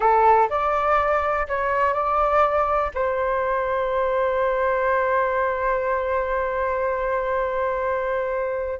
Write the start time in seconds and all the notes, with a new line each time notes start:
0.00 A4
0.49 D5
1.48 C#5
1.93 D5
2.94 C5